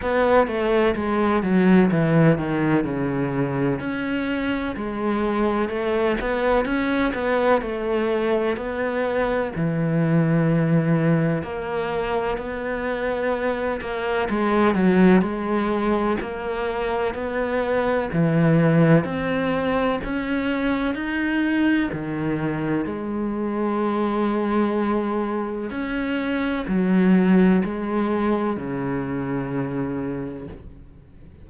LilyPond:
\new Staff \with { instrumentName = "cello" } { \time 4/4 \tempo 4 = 63 b8 a8 gis8 fis8 e8 dis8 cis4 | cis'4 gis4 a8 b8 cis'8 b8 | a4 b4 e2 | ais4 b4. ais8 gis8 fis8 |
gis4 ais4 b4 e4 | c'4 cis'4 dis'4 dis4 | gis2. cis'4 | fis4 gis4 cis2 | }